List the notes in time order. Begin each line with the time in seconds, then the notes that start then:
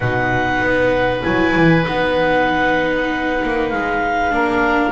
0.00 B2 D#4 B4 F#5
0.61 B3
1.23 F#3 E4 G#5
1.55 E3
1.84 B3 D#4 F#5
3.43 A#3
3.69 G#3 F5
4.30 A#3 D4 A#4